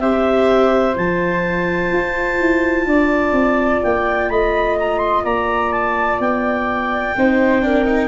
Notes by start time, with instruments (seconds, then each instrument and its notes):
0.00 tuba C4, viola G4, flute C5, clarinet E5
0.93 tuba F3, viola F4, clarinet A5
1.92 tuba F4
2.39 tuba E4
2.86 tuba D4, flute D5
3.32 tuba C4
3.83 tuba A#3, clarinet G5
4.29 tuba A3, flute D#5, clarinet B5
4.79 clarinet A#5
4.98 clarinet C6
5.24 tuba A#3, flute D5, clarinet A#5
5.72 clarinet A5
6.19 tuba B3, clarinet G5
7.17 tuba C4, viola D#4, flute C5
7.61 viola D4, flute A#4
7.85 viola D#4